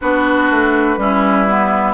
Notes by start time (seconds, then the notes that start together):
0.01 B3 D4 F#4 B4
0.50 A3
0.97 G3 C#4 E4
1.48 B3